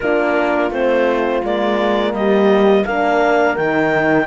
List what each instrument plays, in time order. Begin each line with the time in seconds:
0.00 cello A#3, horn D4 F4, clarinet A#4
0.70 cello A3, horn C4, clarinet C5
1.43 cello G#3, horn A#3, clarinet D5
2.13 cello G3, horn G4, clarinet D#5
2.85 cello A#3, horn D4 A#4, clarinet F5
3.56 cello D#3, horn D#4, clarinet G5